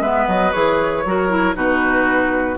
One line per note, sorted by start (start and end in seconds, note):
0.00 0.26 G#3
0.00 0.53 B3
0.00 1.04 B4
0.00 0.28 E5
0.27 0.53 F#3
0.27 0.52 D#5
0.52 1.05 E3
0.52 1.04 G#4
0.52 1.55 C#5
1.05 1.55 F#3
1.05 1.28 F#4
1.05 1.56 A#4
1.28 1.54 E4
1.54 2.57 B2
1.54 2.57 D#4
1.54 2.57 F#4
1.54 2.57 B4